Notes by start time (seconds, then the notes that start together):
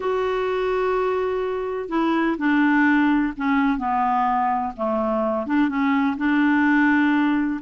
0.00 F#4
1.89 E4
2.37 D4
3.37 C#4
3.78 B3
4.76 A3
5.46 D4
5.68 C#4
6.17 D4